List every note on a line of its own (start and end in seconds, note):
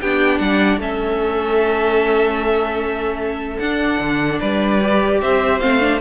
0.00 0.39 B3
0.00 0.80 D4
0.00 0.40 G4
0.00 0.38 G5
0.38 0.77 G3
0.38 0.80 D5
0.38 0.78 F#5
0.77 3.57 A3
0.77 3.60 C#4
0.77 4.39 A4
0.77 3.58 E5
3.58 3.99 D4
3.58 4.81 D4
3.58 4.38 F#5
3.99 4.39 D3
4.39 5.21 G3
4.39 5.19 B4
4.39 5.20 D5
4.81 5.60 G4
5.21 5.61 C4
5.21 6.01 C5
5.21 5.59 E5
5.59 6.01 A3
5.59 5.80 C4
5.59 5.99 F5
5.80 6.00 D4